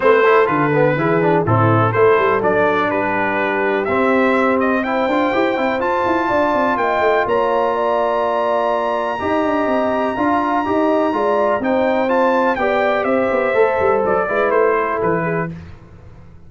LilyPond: <<
  \new Staff \with { instrumentName = "trumpet" } { \time 4/4 \tempo 4 = 124 c''4 b'2 a'4 | c''4 d''4 b'2 | e''4. dis''8 g''2 | a''2 g''4 ais''4~ |
ais''1~ | ais''1 | g''4 a''4 g''4 e''4~ | e''4 d''4 c''4 b'4 | }
  \new Staff \with { instrumentName = "horn" } { \time 4/4 b'8 a'4. gis'4 e'4 | a'2 g'2~ | g'2 c''2~ | c''4 d''4 dis''4 cis''4 |
d''2. dis''4~ | dis''4 f''4 dis''4 d''4 | c''2 d''4 c''4~ | c''4. b'4 a'4 gis'8 | }
  \new Staff \with { instrumentName = "trombone" } { \time 4/4 c'8 e'8 f'8 b8 e'8 d'8 c'4 | e'4 d'2. | c'2 e'8 f'8 g'8 e'8 | f'1~ |
f'2. g'4~ | g'4 f'4 g'4 f'4 | dis'4 f'4 g'2 | a'4. e'2~ e'8 | }
  \new Staff \with { instrumentName = "tuba" } { \time 4/4 a4 d4 e4 a,4 | a8 g8 fis4 g2 | c'2~ c'8 d'8 e'8 c'8 | f'8 e'8 d'8 c'8 ais8 a8 ais4~ |
ais2. dis'8 d'8 | c'4 d'4 dis'4 gis4 | c'2 b4 c'8 b8 | a8 g8 fis8 gis8 a4 e4 | }
>>